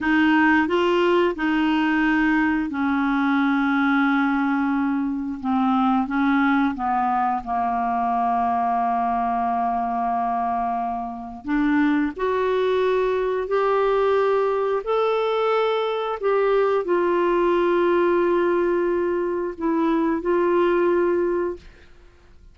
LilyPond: \new Staff \with { instrumentName = "clarinet" } { \time 4/4 \tempo 4 = 89 dis'4 f'4 dis'2 | cis'1 | c'4 cis'4 b4 ais4~ | ais1~ |
ais4 d'4 fis'2 | g'2 a'2 | g'4 f'2.~ | f'4 e'4 f'2 | }